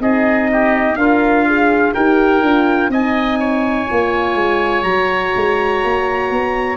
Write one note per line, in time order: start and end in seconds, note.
0.00 0.96 C4
0.00 0.98 D#4
0.00 0.51 G#4
0.00 0.96 D#5
0.52 0.98 G4
0.96 1.93 D4
0.96 1.94 F4
0.96 1.46 A#4
0.96 1.93 F5
1.47 1.95 G#4
1.94 2.42 D#4
1.94 2.43 G4
1.94 2.91 A#4
1.94 2.91 G5
2.42 2.89 D4
2.42 2.92 F4
2.89 3.86 C4
2.89 3.88 D#4
2.89 3.40 D#5
2.89 4.83 G#5
3.40 6.78 C#5
3.88 4.35 A#3
3.88 4.85 F4
4.35 4.83 G#3
4.83 5.32 F#3
4.83 6.78 F#4
4.83 6.77 A#5
5.36 5.84 G#3
5.84 6.31 A#3
6.31 6.78 B3